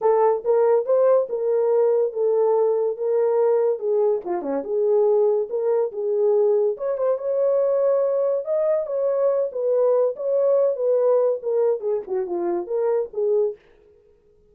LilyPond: \new Staff \with { instrumentName = "horn" } { \time 4/4 \tempo 4 = 142 a'4 ais'4 c''4 ais'4~ | ais'4 a'2 ais'4~ | ais'4 gis'4 f'8 cis'8 gis'4~ | gis'4 ais'4 gis'2 |
cis''8 c''8 cis''2. | dis''4 cis''4. b'4. | cis''4. b'4. ais'4 | gis'8 fis'8 f'4 ais'4 gis'4 | }